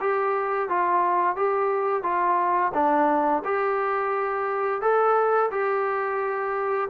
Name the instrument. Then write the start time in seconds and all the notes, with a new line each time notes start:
trombone
0.00 G4
0.69 F4
1.36 G4
2.03 F4
2.74 D4
3.44 G4
4.81 A4
5.51 G4